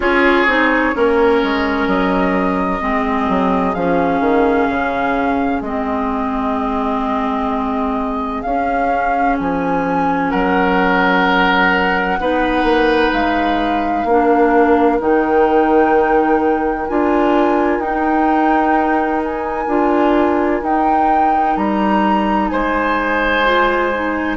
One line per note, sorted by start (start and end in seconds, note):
0.00 0.46 C#4
0.00 0.46 F4
0.00 0.95 G#4
0.00 1.88 C#5
0.46 0.93 C4
0.46 0.93 D#4
0.93 1.42 A#3
0.93 2.80 C#4
0.93 2.82 A#4
1.43 1.87 G#3
1.87 2.80 F#3
1.87 3.74 D#5
2.80 3.28 G#3
2.80 3.74 C4
2.80 10.30 G#4
3.29 3.75 F#3
3.74 4.20 F3
3.74 5.64 C#4
3.74 5.62 F5
4.20 4.66 D#3
4.69 5.61 C#3
5.61 8.42 G#3
5.61 8.46 C4
5.61 8.42 D#5
8.42 9.39 C#4
8.42 12.20 C#4
8.42 9.36 F5
9.38 10.33 F3
9.38 10.30 G#5
10.30 12.19 F#3
10.30 12.18 A#4
10.30 13.11 F#5
12.19 12.63 B3
12.19 14.07 D#4
12.19 14.07 B4
12.63 13.10 A#3
13.12 14.04 G#3
13.12 14.99 F5
14.04 14.98 A#3
14.04 14.99 D4
14.04 22.51 A#4
14.99 16.87 D#3
14.99 16.87 D#4
14.99 16.87 G5
16.87 17.79 D4
16.87 17.82 F4
16.87 17.80 G#5
17.79 19.66 D#4
17.79 19.68 D#4
17.79 19.21 G5
19.24 20.63 G#5
19.67 20.61 D4
19.67 20.62 F4
20.62 21.55 D#4
20.62 23.45 D#4
20.62 21.56 G5
21.56 22.50 G3
21.56 22.48 A#5
22.48 24.37 G#3
22.48 24.37 C5
22.48 24.36 G#5
23.45 23.92 F4
23.94 24.37 D#4